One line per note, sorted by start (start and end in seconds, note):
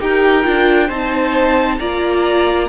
0.00 0.45 D#4
0.00 0.43 G4
0.00 0.87 A#4
0.00 0.90 G5
0.43 0.90 D4
0.43 0.88 F4
0.87 1.79 C4
0.87 1.79 D#4
0.87 1.77 C5
0.87 1.79 A5
1.79 2.69 A#3
1.79 2.69 F4
1.79 2.69 D5
1.79 2.69 A#5